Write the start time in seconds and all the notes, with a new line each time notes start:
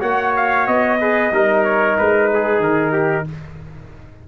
0.00 A#3 F#4 C#5 F#5
0.36 F5
0.67 B3 D#5
1.00 G#4 B4
1.31 G3 D#4 A#4
1.64 C#5
1.98 G#3 B4
2.34 G#4
2.60 D#3 A#4
2.92 G4